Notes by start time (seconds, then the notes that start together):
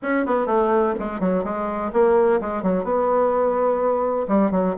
0.02 C#4
0.26 B3
0.46 A3
0.99 G#3
1.20 F#3
1.44 G#3
1.93 A#3
2.40 G#3
2.62 F#3
2.84 B3
4.28 G3
4.51 F#3